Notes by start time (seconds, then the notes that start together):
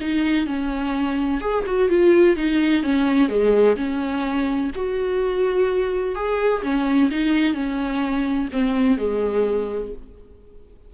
0.00 D#4
0.46 C#4
1.40 G#4
1.66 F#4
1.89 F4
2.36 D#4
2.83 C#4
3.28 G#3
3.76 C#4
4.75 F#4
6.15 G#4
6.62 C#4
7.11 D#4
7.54 C#4
8.52 C4
8.97 G#3